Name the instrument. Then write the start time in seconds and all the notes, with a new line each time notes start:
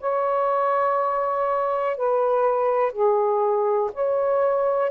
saxophone
0.00 C#5
1.96 B4
2.92 G#4
3.93 C#5